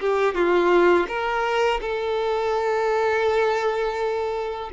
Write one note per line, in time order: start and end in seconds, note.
0.00 0.34 G4
0.34 1.06 F4
1.08 1.80 A#4
1.81 4.70 A4